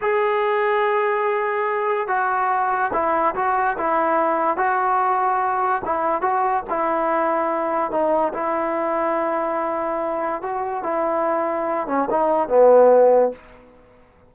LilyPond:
\new Staff \with { instrumentName = "trombone" } { \time 4/4 \tempo 4 = 144 gis'1~ | gis'4 fis'2 e'4 | fis'4 e'2 fis'4~ | fis'2 e'4 fis'4 |
e'2. dis'4 | e'1~ | e'4 fis'4 e'2~ | e'8 cis'8 dis'4 b2 | }